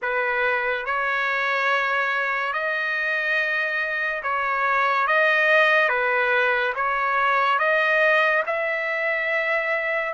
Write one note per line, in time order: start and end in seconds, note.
0.02 0.85 B4
0.85 2.53 C#5
2.53 4.22 D#5
4.23 5.07 C#5
5.07 5.88 D#5
5.88 6.73 B4
6.75 7.58 C#5
7.58 8.43 D#5
8.46 10.13 E5